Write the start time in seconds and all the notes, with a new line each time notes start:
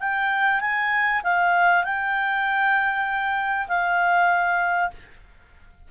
0.00 G5
0.60 G#5
1.24 F5
1.84 G5
3.68 F5